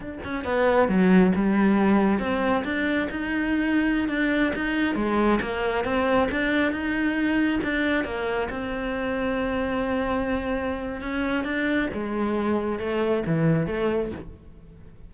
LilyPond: \new Staff \with { instrumentName = "cello" } { \time 4/4 \tempo 4 = 136 d'8 cis'8 b4 fis4 g4~ | g4 c'4 d'4 dis'4~ | dis'4~ dis'16 d'4 dis'4 gis8.~ | gis16 ais4 c'4 d'4 dis'8.~ |
dis'4~ dis'16 d'4 ais4 c'8.~ | c'1~ | c'4 cis'4 d'4 gis4~ | gis4 a4 e4 a4 | }